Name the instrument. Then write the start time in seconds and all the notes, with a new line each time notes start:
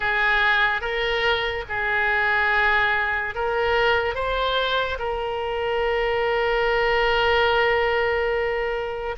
oboe
0.00 G#4
0.81 A#4
1.69 G#4
3.34 A#4
4.14 C5
4.98 A#4